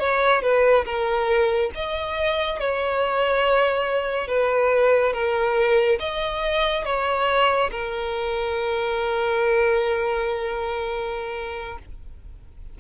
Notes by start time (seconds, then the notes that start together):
0.00 C#5
0.42 B4
0.86 A#4
1.75 D#5
2.60 C#5
4.28 B4
5.14 A#4
6.00 D#5
6.85 C#5
7.72 A#4